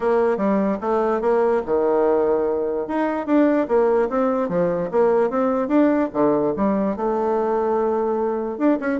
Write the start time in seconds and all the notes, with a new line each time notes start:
0.00 A#3
0.37 G3
0.80 A3
1.21 A#3
1.65 D#3
2.87 D#4
3.26 D4
3.68 A#3
4.09 C4
4.48 F3
4.91 A#3
5.30 C4
5.68 D4
6.13 D3
6.56 G3
6.96 A3
8.58 D4
8.80 C#4